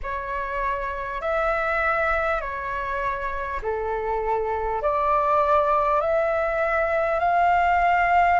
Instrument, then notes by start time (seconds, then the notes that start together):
flute
0.03 C#5
1.21 E5
2.41 C#5
3.62 A4
4.82 D5
6.00 E5
7.19 F5